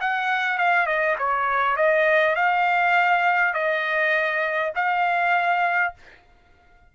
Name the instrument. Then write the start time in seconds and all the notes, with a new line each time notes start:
trumpet
0.00 F#5
0.58 F5
0.86 D#5
1.18 C#5
1.76 D#5
2.35 F5
3.53 D#5
4.75 F5